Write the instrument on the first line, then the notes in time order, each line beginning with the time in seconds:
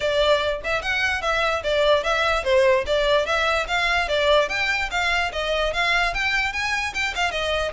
violin
0.00 D5
0.63 E5
0.81 F#5
1.21 E5
1.63 D5
2.03 E5
2.44 C5
2.86 D5
3.26 E5
3.67 F5
4.08 D5
4.48 G5
4.90 F5
5.32 D#5
5.73 F5
6.13 G5
6.52 G#5
6.94 G5
7.15 F5
7.31 D#5